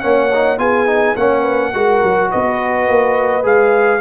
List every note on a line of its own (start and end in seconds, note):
0.00 0.59 A#3
0.00 0.29 C#4
0.00 0.59 C#5
0.00 0.57 F#5
0.33 0.58 D#4
0.58 1.16 B3
0.58 0.86 F4
0.58 1.16 G#4
0.58 1.16 G#5
0.87 1.15 D#4
1.16 1.74 A#3
1.16 1.74 C#4
1.16 1.42 C#5
1.16 2.31 F#5
1.42 1.70 B4
1.74 2.02 G#3
1.74 3.43 F#4
1.74 2.30 A#4
2.03 2.32 F#3
2.30 2.88 B3
2.30 4.01 B4
2.30 3.45 D#5
2.88 3.44 A#3
3.43 4.01 G#3
3.43 4.00 G#4
3.43 4.01 F5